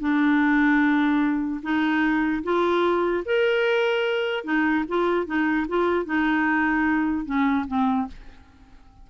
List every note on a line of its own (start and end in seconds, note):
0.00 1.61 D4
1.63 2.43 D#4
2.43 3.24 F4
3.25 4.44 A#4
4.44 4.85 D#4
4.88 5.26 F4
5.26 5.67 D#4
5.68 6.05 F4
6.05 7.26 D#4
7.26 7.66 C#4
7.67 8.08 C4